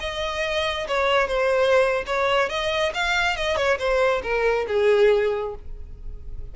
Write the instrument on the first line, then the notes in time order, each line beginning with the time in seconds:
violin
0.00 D#5
0.88 C#5
1.28 C5
2.06 C#5
2.49 D#5
2.94 F5
3.36 D#5
3.56 C#5
3.78 C5
4.23 A#4
4.68 G#4